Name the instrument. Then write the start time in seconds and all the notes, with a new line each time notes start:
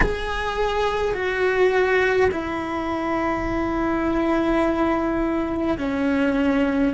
cello
0.00 G#4
1.14 F#4
2.31 E4
5.77 C#4